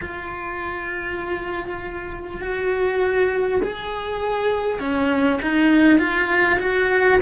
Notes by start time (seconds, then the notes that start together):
0.01 F4
2.41 F#4
3.62 G#4
4.79 C#4
5.42 D#4
5.98 F4
6.59 F#4